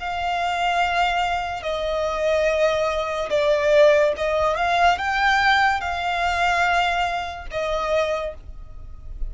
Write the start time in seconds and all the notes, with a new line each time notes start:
0.00 F5
1.63 D#5
3.30 D5
4.17 D#5
4.57 F5
4.98 G5
5.81 F5
7.51 D#5